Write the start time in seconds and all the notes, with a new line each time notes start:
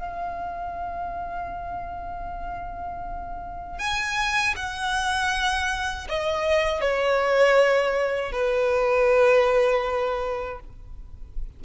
0.00 F5
3.79 G#5
4.56 F#5
6.09 D#5
6.81 C#5
8.32 B4